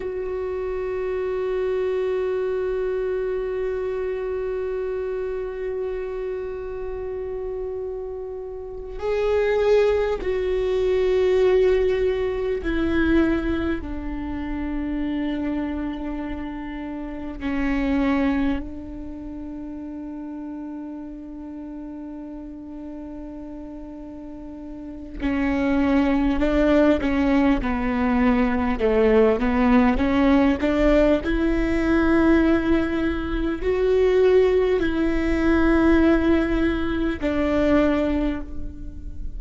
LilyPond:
\new Staff \with { instrumentName = "viola" } { \time 4/4 \tempo 4 = 50 fis'1~ | fis'2.~ fis'8 gis'8~ | gis'8 fis'2 e'4 d'8~ | d'2~ d'8 cis'4 d'8~ |
d'1~ | d'4 cis'4 d'8 cis'8 b4 | a8 b8 cis'8 d'8 e'2 | fis'4 e'2 d'4 | }